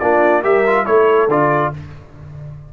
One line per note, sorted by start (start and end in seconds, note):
0.00 0.44 A#3
0.00 0.43 D4
0.00 0.43 F4
0.00 0.43 D5
0.43 0.87 G3
0.43 0.65 G4
0.43 0.86 A#4
0.43 0.86 E5
0.67 0.86 F4
0.86 1.28 A3
0.86 1.29 E4
0.86 1.73 A4
0.86 1.29 C#5
1.28 1.71 D3
1.28 1.74 F4
1.28 1.73 D5